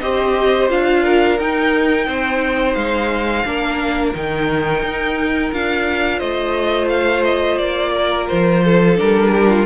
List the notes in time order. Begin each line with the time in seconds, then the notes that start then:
0.00 C4 G4 C5 D#5
0.69 D4 F4 F5
1.04 A#4
1.40 D#4 G5
2.08 C4 C5
2.75 G#3 F5
3.45 A#3 D4 A#4
4.15 D#3 D#4 G5
4.83 D#4
5.52 D4 F4 F5
6.19 A3 C5 D#5
6.89 F5
7.25 D#5
7.58 A#3 D5
7.95 A#4
8.28 F3 C5
8.65 A4
8.97 G3 D4 A#4
9.32 G4
9.49 F4